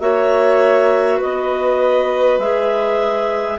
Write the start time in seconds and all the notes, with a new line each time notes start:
0.00 A#3 F#4 C#5 E5
1.17 B3 B4 D#5
2.39 G#3 G#4 E5